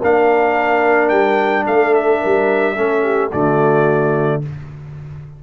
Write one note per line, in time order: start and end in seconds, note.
0.00 1.11 A#3
0.00 2.76 D4
0.00 1.65 A#4
0.00 1.09 F5
1.09 1.66 G3
1.09 1.64 G5
1.67 2.22 A3
1.67 2.21 A4
1.67 1.94 F5
1.94 3.32 E5
2.21 2.78 G3
2.21 2.76 A#4
2.76 3.33 A3
2.76 3.31 C#4
2.76 3.03 A4
3.03 3.31 G4
3.31 4.44 D3
3.31 4.43 A3
3.31 4.42 F#4
3.31 4.43 D5